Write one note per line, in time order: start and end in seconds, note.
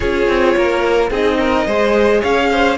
0.00 0.27 C#4
0.00 1.10 F4
0.00 0.55 G#4
0.00 1.09 C#5
0.27 0.55 C4
0.57 1.10 A#3
0.57 1.09 A#4
1.09 1.66 C4
1.09 1.67 D#4
1.09 1.37 G#4
1.09 2.23 D#5
1.38 1.66 A#4
1.66 2.22 G#3
1.66 2.77 G#4
1.66 2.21 C5
2.21 2.77 C#4
2.21 2.49 C#5
2.21 2.77 F5
2.50 2.77 C5